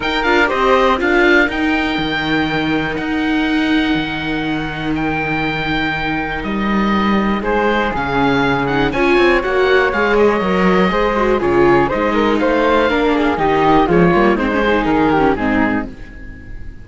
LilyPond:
<<
  \new Staff \with { instrumentName = "oboe" } { \time 4/4 \tempo 4 = 121 g''8 f''8 dis''4 f''4 g''4~ | g''2 fis''2~ | fis''2 g''2~ | g''4 dis''2 c''4 |
f''4. fis''8 gis''4 fis''4 | f''8 dis''2~ dis''8 cis''4 | dis''4 f''2 dis''4 | cis''4 c''4 ais'4 gis'4 | }
  \new Staff \with { instrumentName = "flute" } { \time 4/4 ais'4 c''4 ais'2~ | ais'1~ | ais'1~ | ais'2. gis'4~ |
gis'2 cis''2~ | cis''2 c''4 gis'4 | c''8 ais'8 c''4 ais'8 gis'8 g'4 | f'4 dis'8 gis'4 g'8 dis'4 | }
  \new Staff \with { instrumentName = "viola" } { \time 4/4 dis'8 f'8 g'4 f'4 dis'4~ | dis'1~ | dis'1~ | dis'1 |
cis'4. dis'8 f'4 fis'4 | gis'4 ais'4 gis'8 fis'8 f'4 | dis'2 d'4 dis'4 | gis8 ais8 c'16 cis'16 dis'4 cis'8 c'4 | }
  \new Staff \with { instrumentName = "cello" } { \time 4/4 dis'8 d'8 c'4 d'4 dis'4 | dis2 dis'2 | dis1~ | dis4 g2 gis4 |
cis2 cis'8 c'8 ais4 | gis4 fis4 gis4 cis4 | gis4 a4 ais4 dis4 | f8 g8 gis4 dis4 gis,4 | }
>>